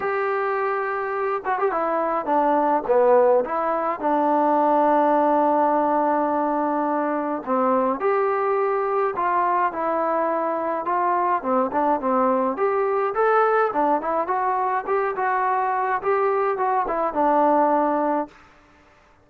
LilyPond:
\new Staff \with { instrumentName = "trombone" } { \time 4/4 \tempo 4 = 105 g'2~ g'8 fis'16 g'16 e'4 | d'4 b4 e'4 d'4~ | d'1~ | d'4 c'4 g'2 |
f'4 e'2 f'4 | c'8 d'8 c'4 g'4 a'4 | d'8 e'8 fis'4 g'8 fis'4. | g'4 fis'8 e'8 d'2 | }